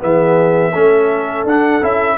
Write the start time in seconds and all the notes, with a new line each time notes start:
0.00 E3 B3 G#4 E5
0.72 A3 C#4 A4
1.44 D4 F#5
1.81 C#4 E4 E5